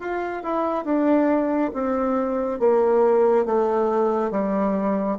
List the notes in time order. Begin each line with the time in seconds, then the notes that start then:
0.00 F4
0.43 E4
0.85 D4
1.74 C4
2.59 A#3
3.45 A3
4.31 G3